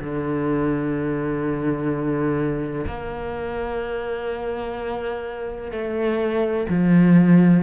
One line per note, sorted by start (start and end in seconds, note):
0.00 2.86 D3
2.87 5.72 A#3
5.72 6.67 A3
6.69 7.63 F3